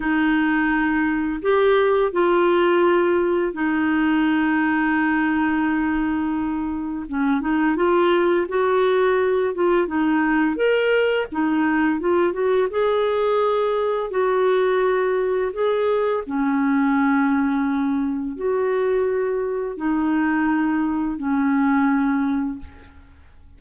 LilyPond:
\new Staff \with { instrumentName = "clarinet" } { \time 4/4 \tempo 4 = 85 dis'2 g'4 f'4~ | f'4 dis'2.~ | dis'2 cis'8 dis'8 f'4 | fis'4. f'8 dis'4 ais'4 |
dis'4 f'8 fis'8 gis'2 | fis'2 gis'4 cis'4~ | cis'2 fis'2 | dis'2 cis'2 | }